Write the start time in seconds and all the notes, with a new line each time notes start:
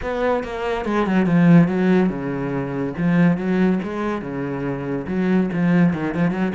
0.02 B3
0.43 A#3
0.85 G#3
1.06 F#3
1.26 F3
1.68 F#3
2.09 C#3
2.97 F3
3.37 F#3
3.83 G#3
4.21 C#3
5.07 F#3
5.52 F3
5.93 D#3
6.14 F3
6.30 F#3